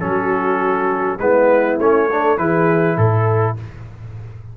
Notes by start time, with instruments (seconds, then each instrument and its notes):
0.00 tuba F#3, trombone C#4, horn F#4, trumpet A4
1.19 tuba G#3, trombone B3, horn E4, trumpet B4
1.79 tuba A3, trombone C#4, trumpet C#5
2.10 trombone D4, horn A4
2.38 tuba E3, trombone E4, horn G#4, trumpet B4
2.97 tuba A2, horn A4, trumpet A4